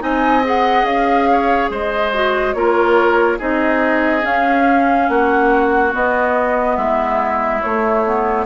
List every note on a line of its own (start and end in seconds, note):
0.00 0.84 C4
0.00 0.42 D#4
0.00 1.30 D#5
0.00 0.45 G#5
0.44 2.13 G#4
0.44 0.86 F#5
0.84 1.68 C#4
0.84 1.70 F5
1.32 1.71 C#5
1.70 2.55 G#3
1.70 2.56 C5
1.70 2.54 D#5
2.14 2.56 F#4
2.54 3.39 A#3
2.54 3.39 F4
2.54 3.39 A#4
2.54 3.38 C#5
3.39 4.25 C4
3.39 4.22 D#4
3.39 5.08 G#4
3.39 4.26 D#5
4.22 5.91 C#4
4.22 5.09 C#4
4.22 5.09 F5
5.09 5.94 A#3
5.09 6.77 F#4
5.09 5.94 F#5
5.93 7.62 B3
5.93 6.78 B3
5.93 6.77 D#5
6.77 7.62 G#3
6.77 8.46 E4
6.77 7.61 E5
7.62 8.05 A3
7.62 8.46 A3
7.62 8.46 C#5
8.05 8.46 B3